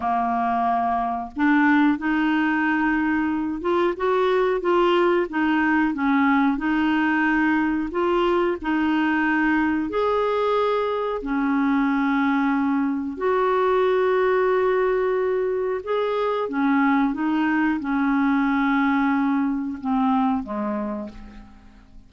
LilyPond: \new Staff \with { instrumentName = "clarinet" } { \time 4/4 \tempo 4 = 91 ais2 d'4 dis'4~ | dis'4. f'8 fis'4 f'4 | dis'4 cis'4 dis'2 | f'4 dis'2 gis'4~ |
gis'4 cis'2. | fis'1 | gis'4 cis'4 dis'4 cis'4~ | cis'2 c'4 gis4 | }